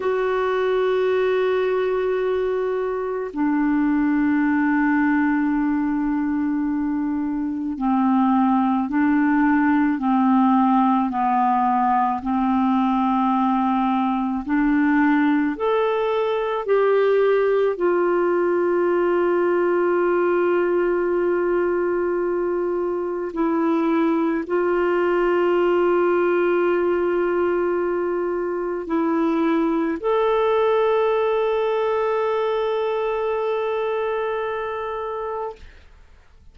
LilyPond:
\new Staff \with { instrumentName = "clarinet" } { \time 4/4 \tempo 4 = 54 fis'2. d'4~ | d'2. c'4 | d'4 c'4 b4 c'4~ | c'4 d'4 a'4 g'4 |
f'1~ | f'4 e'4 f'2~ | f'2 e'4 a'4~ | a'1 | }